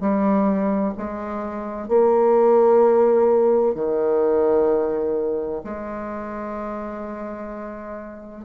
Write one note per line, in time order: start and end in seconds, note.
0.00 0.94 G3
0.98 1.88 G#3
1.88 3.75 A#3
3.75 5.62 D#3
5.64 8.45 G#3